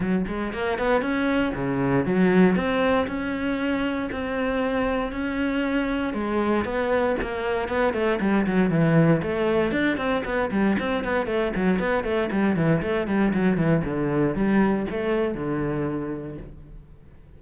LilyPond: \new Staff \with { instrumentName = "cello" } { \time 4/4 \tempo 4 = 117 fis8 gis8 ais8 b8 cis'4 cis4 | fis4 c'4 cis'2 | c'2 cis'2 | gis4 b4 ais4 b8 a8 |
g8 fis8 e4 a4 d'8 c'8 | b8 g8 c'8 b8 a8 fis8 b8 a8 | g8 e8 a8 g8 fis8 e8 d4 | g4 a4 d2 | }